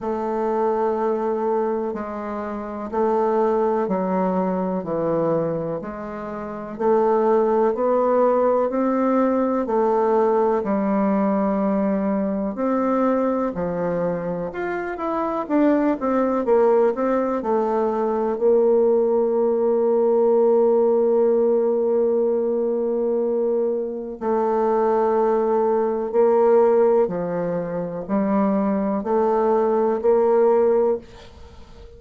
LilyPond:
\new Staff \with { instrumentName = "bassoon" } { \time 4/4 \tempo 4 = 62 a2 gis4 a4 | fis4 e4 gis4 a4 | b4 c'4 a4 g4~ | g4 c'4 f4 f'8 e'8 |
d'8 c'8 ais8 c'8 a4 ais4~ | ais1~ | ais4 a2 ais4 | f4 g4 a4 ais4 | }